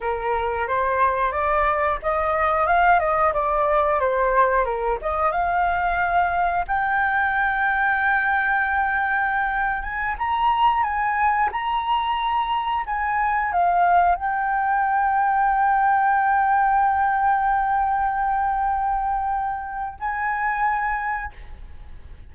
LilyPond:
\new Staff \with { instrumentName = "flute" } { \time 4/4 \tempo 4 = 90 ais'4 c''4 d''4 dis''4 | f''8 dis''8 d''4 c''4 ais'8 dis''8 | f''2 g''2~ | g''2~ g''8. gis''8 ais''8.~ |
ais''16 gis''4 ais''2 gis''8.~ | gis''16 f''4 g''2~ g''8.~ | g''1~ | g''2 gis''2 | }